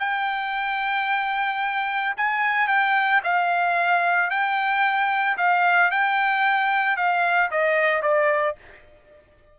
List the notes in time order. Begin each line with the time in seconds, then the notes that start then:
0.00 G5
2.17 G#5
2.68 G5
3.24 F5
4.30 G5
5.38 F5
5.91 G5
6.97 F5
7.51 D#5
8.03 D5